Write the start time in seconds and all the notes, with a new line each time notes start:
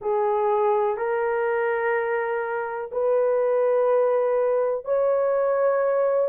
0.01 G#4
0.97 A#4
2.91 B4
4.84 C#5